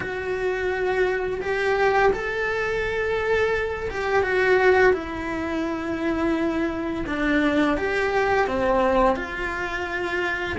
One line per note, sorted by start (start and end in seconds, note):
0.00 1.41 F#4
1.41 2.12 G4
2.12 3.89 A4
3.90 4.23 G4
4.23 4.93 F#4
4.93 7.04 E4
7.07 7.77 D4
7.77 8.47 G4
8.47 9.16 C4
9.16 10.57 F4